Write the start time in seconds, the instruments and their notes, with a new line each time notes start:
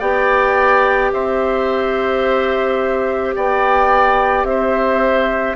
0.00 bassoon B3, clarinet G4, oboe D5, flute G5
1.13 bassoon C4, oboe C5, flute E5
3.35 bassoon B3, oboe D5, flute G5
4.44 bassoon C4, oboe C5, flute E5